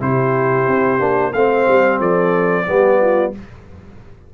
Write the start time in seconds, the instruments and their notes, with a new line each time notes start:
0.00 tuba C3, trombone E4, horn G4, trumpet C5
0.68 tuba C4
0.99 tuba A#3, trombone D4
1.33 tuba A3, trombone C4, horn C5, trumpet F5
1.68 tuba G3
1.99 tuba F3, horn A4, trumpet D5
2.66 tuba G3, trombone B3, horn G4
3.01 horn F4